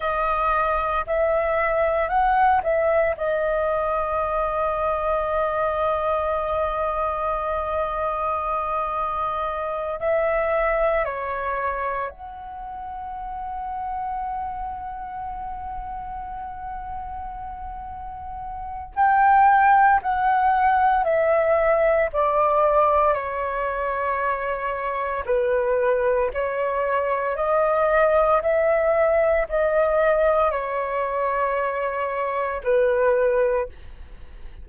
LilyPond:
\new Staff \with { instrumentName = "flute" } { \time 4/4 \tempo 4 = 57 dis''4 e''4 fis''8 e''8 dis''4~ | dis''1~ | dis''4. e''4 cis''4 fis''8~ | fis''1~ |
fis''2 g''4 fis''4 | e''4 d''4 cis''2 | b'4 cis''4 dis''4 e''4 | dis''4 cis''2 b'4 | }